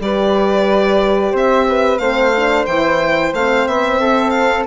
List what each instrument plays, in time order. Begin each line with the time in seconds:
0.00 bassoon G3, horn G4, flute B4, violin D5
1.32 bassoon C4, flute C5, violin E5
1.69 flute B4
1.98 bassoon A3, horn C4, flute C5, violin F5
2.36 horn D4
2.66 bassoon E3, horn E4, violin G5
3.33 bassoon A3, horn C4, violin F5
3.67 bassoon B3, violin E5
4.00 bassoon C4, flute A4
4.30 violin F5